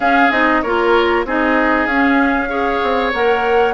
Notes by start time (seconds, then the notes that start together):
0.00 C#4 G#4 F5
0.31 C4 D#4 D#5
0.62 A#3 F4 A#4 C#5
1.24 C4 D#4 G#4 D#5
1.86 C#4 F5
2.49 G#4 C#5
2.83 C4
3.13 A#3 A#4 F#5